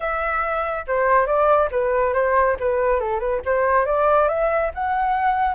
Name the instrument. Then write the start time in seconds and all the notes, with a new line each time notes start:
flute
0.00 E5
0.87 C5
1.26 D5
1.71 B4
2.13 C5
2.59 B4
3.00 A4
3.19 B4
3.45 C5
3.85 D5
4.28 E5
4.74 F#5